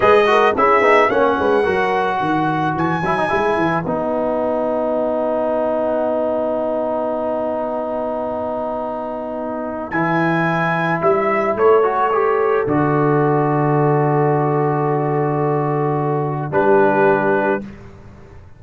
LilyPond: <<
  \new Staff \with { instrumentName = "trumpet" } { \time 4/4 \tempo 4 = 109 dis''4 e''4 fis''2~ | fis''4 gis''2 fis''4~ | fis''1~ | fis''1~ |
fis''2 gis''2 | e''4 cis''2 d''4~ | d''1~ | d''2 b'2 | }
  \new Staff \with { instrumentName = "horn" } { \time 4/4 b'8 ais'8 gis'4 cis''8 b'8 ais'4 | b'1~ | b'1~ | b'1~ |
b'1~ | b'4 a'2.~ | a'1~ | a'2 g'2 | }
  \new Staff \with { instrumentName = "trombone" } { \time 4/4 gis'8 fis'8 e'8 dis'8 cis'4 fis'4~ | fis'4. e'16 dis'16 e'4 dis'4~ | dis'1~ | dis'1~ |
dis'2 e'2~ | e'4. fis'8 g'4 fis'4~ | fis'1~ | fis'2 d'2 | }
  \new Staff \with { instrumentName = "tuba" } { \time 4/4 gis4 cis'8 b8 ais8 gis8 fis4 | dis4 e8 fis8 gis8 e8 b4~ | b1~ | b1~ |
b2 e2 | g4 a2 d4~ | d1~ | d2 g2 | }
>>